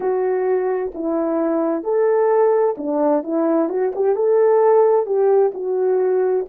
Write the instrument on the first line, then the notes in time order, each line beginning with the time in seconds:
horn
0.00 F#4
0.94 E4
1.83 A4
2.77 D4
3.23 E4
3.69 F#4
3.95 G4
4.15 A4
5.06 G4
5.53 F#4